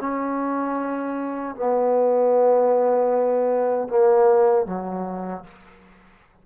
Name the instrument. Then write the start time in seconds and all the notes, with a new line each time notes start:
trombone
0.00 C#4
1.55 B3
3.88 A#3
4.66 F#3